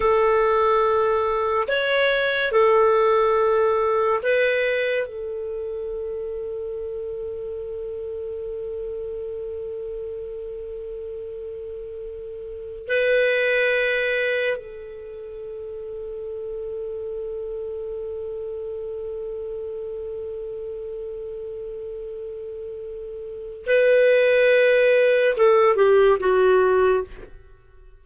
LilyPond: \new Staff \with { instrumentName = "clarinet" } { \time 4/4 \tempo 4 = 71 a'2 cis''4 a'4~ | a'4 b'4 a'2~ | a'1~ | a'2.~ a'16 b'8.~ |
b'4~ b'16 a'2~ a'8.~ | a'1~ | a'1 | b'2 a'8 g'8 fis'4 | }